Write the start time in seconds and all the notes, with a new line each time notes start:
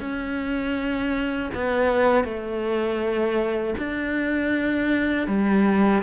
0.00 C#4
1.54 B3
2.24 A3
3.78 D4
5.27 G3